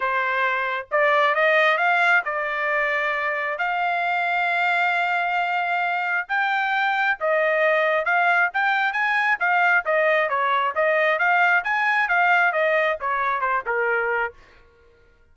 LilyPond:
\new Staff \with { instrumentName = "trumpet" } { \time 4/4 \tempo 4 = 134 c''2 d''4 dis''4 | f''4 d''2. | f''1~ | f''2 g''2 |
dis''2 f''4 g''4 | gis''4 f''4 dis''4 cis''4 | dis''4 f''4 gis''4 f''4 | dis''4 cis''4 c''8 ais'4. | }